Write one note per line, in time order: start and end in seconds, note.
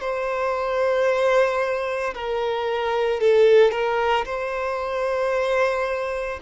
0.00 2.14 C5
2.15 3.21 A#4
3.21 3.72 A4
3.72 4.25 A#4
4.26 6.40 C5